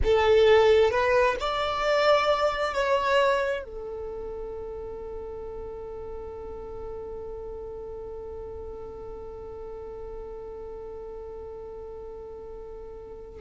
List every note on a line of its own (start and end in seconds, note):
0.03 0.90 A4
0.90 1.36 B4
1.40 2.73 D5
2.73 3.64 C#5
3.64 13.41 A4